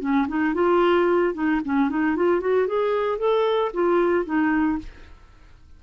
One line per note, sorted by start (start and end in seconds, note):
0.00 0.27 C#4
0.28 0.54 D#4
0.54 1.34 F4
1.34 1.60 D#4
1.65 1.89 C#4
1.89 2.16 D#4
2.16 2.40 F4
2.40 2.67 F#4
2.67 3.18 G#4
3.18 3.71 A4
3.73 4.25 F4
4.25 4.78 D#4